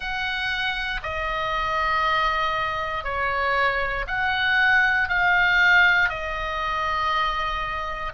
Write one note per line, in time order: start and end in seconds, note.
0.00 1.00 F#5
1.02 3.04 D#5
3.04 4.05 C#5
4.07 5.08 F#5
5.08 6.09 F5
6.09 8.12 D#5